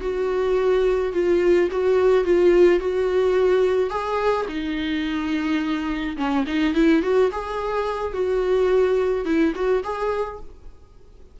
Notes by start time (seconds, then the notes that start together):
0.00 F#4
1.13 F4
1.71 F#4
2.24 F4
2.79 F#4
3.90 G#4
4.48 D#4
6.17 C#4
6.46 D#4
6.74 E4
7.02 F#4
7.32 G#4
8.13 F#4
9.25 E4
9.55 F#4
9.83 G#4